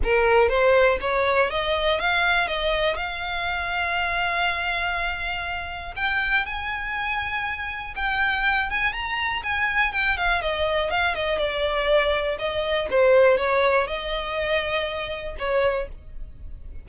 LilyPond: \new Staff \with { instrumentName = "violin" } { \time 4/4 \tempo 4 = 121 ais'4 c''4 cis''4 dis''4 | f''4 dis''4 f''2~ | f''1 | g''4 gis''2. |
g''4. gis''8 ais''4 gis''4 | g''8 f''8 dis''4 f''8 dis''8 d''4~ | d''4 dis''4 c''4 cis''4 | dis''2. cis''4 | }